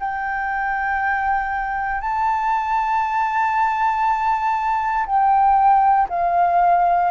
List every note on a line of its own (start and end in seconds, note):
0.00 2.01 G5
2.01 5.06 A5
5.07 6.08 G5
6.09 7.11 F5